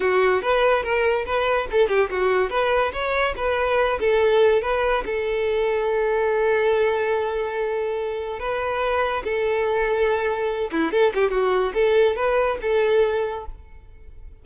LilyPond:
\new Staff \with { instrumentName = "violin" } { \time 4/4 \tempo 4 = 143 fis'4 b'4 ais'4 b'4 | a'8 g'8 fis'4 b'4 cis''4 | b'4. a'4. b'4 | a'1~ |
a'1 | b'2 a'2~ | a'4. e'8 a'8 g'8 fis'4 | a'4 b'4 a'2 | }